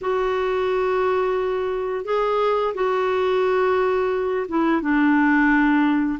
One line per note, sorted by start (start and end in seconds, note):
0.01 2.05 F#4
2.05 2.74 G#4
2.74 4.46 F#4
4.48 4.81 E4
4.81 6.19 D4